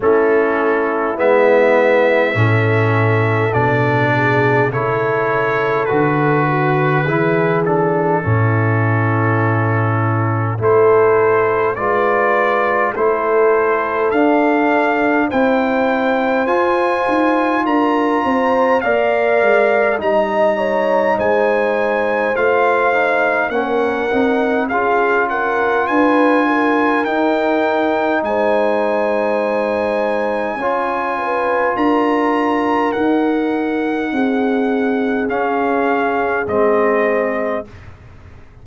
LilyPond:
<<
  \new Staff \with { instrumentName = "trumpet" } { \time 4/4 \tempo 4 = 51 a'4 e''2 d''4 | cis''4 b'4. a'4.~ | a'4 c''4 d''4 c''4 | f''4 g''4 gis''4 ais''4 |
f''4 ais''4 gis''4 f''4 | fis''4 f''8 fis''8 gis''4 g''4 | gis''2. ais''4 | fis''2 f''4 dis''4 | }
  \new Staff \with { instrumentName = "horn" } { \time 4/4 e'2 a'4. gis'8 | a'4. fis'8 gis'4 e'4~ | e'4 a'4 b'4 a'4~ | a'4 c''2 ais'8 c''8 |
d''4 dis''8 cis''8 c''2 | ais'4 gis'8 ais'8 b'8 ais'4. | c''2 cis''8 b'8 ais'4~ | ais'4 gis'2. | }
  \new Staff \with { instrumentName = "trombone" } { \time 4/4 cis'4 b4 cis'4 d'4 | e'4 fis'4 e'8 d'8 cis'4~ | cis'4 e'4 f'4 e'4 | d'4 e'4 f'2 |
ais'4 dis'2 f'8 dis'8 | cis'8 dis'8 f'2 dis'4~ | dis'2 f'2 | dis'2 cis'4 c'4 | }
  \new Staff \with { instrumentName = "tuba" } { \time 4/4 a4 gis4 a,4 b,4 | cis4 d4 e4 a,4~ | a,4 a4 gis4 a4 | d'4 c'4 f'8 dis'8 d'8 c'8 |
ais8 gis8 g4 gis4 a4 | ais8 c'8 cis'4 d'4 dis'4 | gis2 cis'4 d'4 | dis'4 c'4 cis'4 gis4 | }
>>